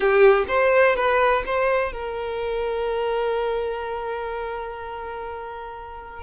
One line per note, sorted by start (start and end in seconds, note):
0.00 0.45 G4
0.48 0.95 C5
0.95 1.43 B4
1.46 1.92 C5
1.92 6.22 A#4